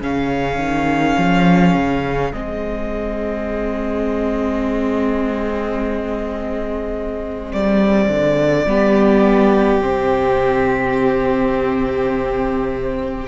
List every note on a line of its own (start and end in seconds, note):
0.00 0.57 C#3
0.00 2.31 C#4
0.00 8.65 G#4
0.00 2.32 F5
0.57 1.15 D#3
1.17 1.74 F3
1.74 2.32 C#3
2.32 7.52 G#3
2.32 8.66 C4
2.32 7.51 D#5
7.52 8.08 G3
7.52 9.83 D5
8.08 8.65 D3
8.65 9.81 G3
8.65 9.81 B3
8.65 13.28 G4
9.81 13.27 C3
9.81 13.27 C4
9.81 13.28 C5